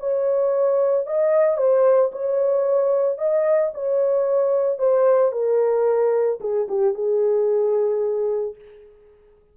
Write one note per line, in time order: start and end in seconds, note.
0.00 1.07 C#5
1.07 1.58 D#5
1.58 2.11 C5
2.13 3.19 C#5
3.19 3.72 D#5
3.75 4.79 C#5
4.79 5.33 C5
5.33 6.40 A#4
6.41 6.68 G#4
6.69 6.95 G4
6.95 8.56 G#4